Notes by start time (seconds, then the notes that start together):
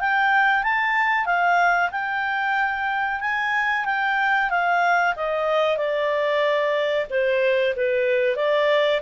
0.00 G5
0.64 A5
1.26 F5
1.91 G5
3.21 G#5
3.85 G5
4.50 F5
5.16 D#5
5.77 D5
7.10 C5
7.76 B4
8.36 D5